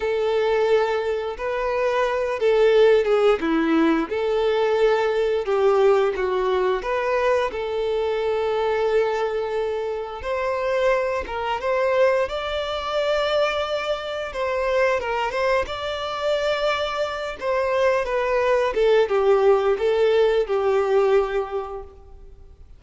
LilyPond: \new Staff \with { instrumentName = "violin" } { \time 4/4 \tempo 4 = 88 a'2 b'4. a'8~ | a'8 gis'8 e'4 a'2 | g'4 fis'4 b'4 a'4~ | a'2. c''4~ |
c''8 ais'8 c''4 d''2~ | d''4 c''4 ais'8 c''8 d''4~ | d''4. c''4 b'4 a'8 | g'4 a'4 g'2 | }